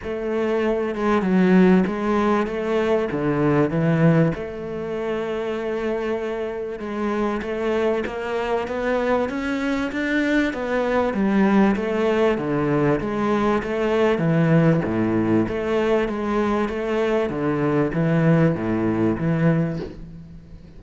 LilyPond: \new Staff \with { instrumentName = "cello" } { \time 4/4 \tempo 4 = 97 a4. gis8 fis4 gis4 | a4 d4 e4 a4~ | a2. gis4 | a4 ais4 b4 cis'4 |
d'4 b4 g4 a4 | d4 gis4 a4 e4 | a,4 a4 gis4 a4 | d4 e4 a,4 e4 | }